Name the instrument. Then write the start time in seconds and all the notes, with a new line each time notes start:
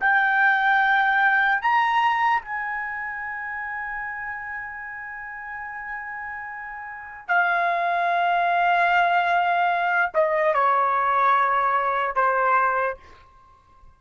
trumpet
0.00 G5
1.62 A#5
2.41 G#5
7.28 F5
10.14 D#5
10.54 C#5
12.15 C5